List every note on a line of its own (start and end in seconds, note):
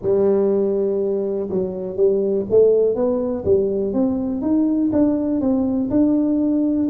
0.01 1.49 G3
1.49 1.96 F#3
1.96 2.45 G3
2.50 2.95 A3
2.95 3.44 B3
3.44 3.93 G3
3.93 4.41 C4
4.41 4.90 D#4
4.92 5.41 D4
5.41 5.90 C4
5.90 6.89 D4